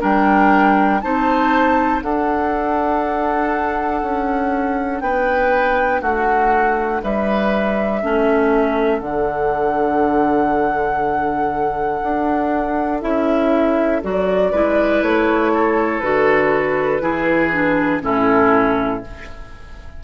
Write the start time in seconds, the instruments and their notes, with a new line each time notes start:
0.00 bassoon G3, clarinet D4, oboe A#4, flute G5
1.01 bassoon C4, clarinet D#4, oboe C5, flute A5
2.02 clarinet D4, bassoon D4, oboe A4, flute F#5
4.02 bassoon C#4
5.01 bassoon B3, oboe B4, flute G5
6.01 bassoon A3, oboe F#4, flute F#5
7.03 bassoon G3, oboe B4, flute E5
8.02 bassoon A3, clarinet C#4, oboe A4
9.00 bassoon D3, clarinet D4, flute F#5
12.03 bassoon D4
13.02 bassoon C#4, clarinet E4, flute E5
14.03 bassoon F#3, clarinet F#4, flute D5
14.51 bassoon G#3, clarinet E4, oboe B4
15.02 bassoon A3, flute C#5
15.54 oboe A4
16.00 bassoon D3, clarinet F#4, flute B4
17.01 bassoon E3, clarinet E4, oboe G#4
17.53 clarinet D4
18.02 bassoon A2, clarinet C#4, oboe E4, flute A4